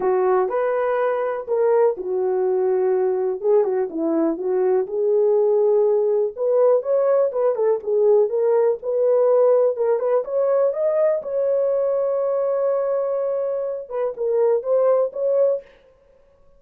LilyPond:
\new Staff \with { instrumentName = "horn" } { \time 4/4 \tempo 4 = 123 fis'4 b'2 ais'4 | fis'2. gis'8 fis'8 | e'4 fis'4 gis'2~ | gis'4 b'4 cis''4 b'8 a'8 |
gis'4 ais'4 b'2 | ais'8 b'8 cis''4 dis''4 cis''4~ | cis''1~ | cis''8 b'8 ais'4 c''4 cis''4 | }